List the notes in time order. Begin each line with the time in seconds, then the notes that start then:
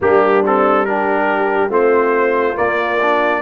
0.01 G3 A#3 D4 G4
0.46 C4 A4
0.85 D4 G4 A#4
1.69 A3 C4 F4 C5
2.55 A#3 D5
3.02 D4